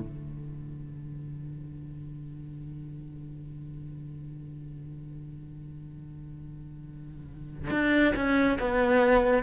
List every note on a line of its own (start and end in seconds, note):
0.00 7.71 D3
7.71 8.14 D4
8.16 8.59 C#4
8.60 9.44 B3